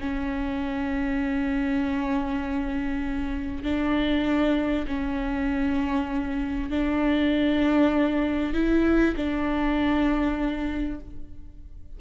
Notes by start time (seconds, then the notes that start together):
0.00 C#4
3.63 D4
4.87 C#4
6.70 D4
8.54 E4
9.16 D4